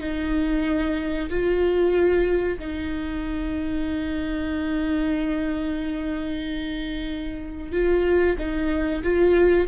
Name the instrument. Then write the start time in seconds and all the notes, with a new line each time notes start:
viola
0.00 D#4
1.29 F4
2.59 D#4
7.72 F4
8.38 D#4
9.03 F4